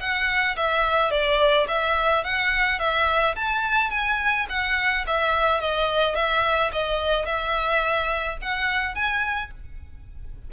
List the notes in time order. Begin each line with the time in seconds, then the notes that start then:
0.00 F#5
0.57 E5
1.11 D5
1.68 E5
2.24 F#5
2.79 E5
3.36 A5
3.90 G#5
4.49 F#5
5.07 E5
5.60 D#5
6.15 E5
6.72 D#5
7.26 E5
8.42 F#5
8.95 G#5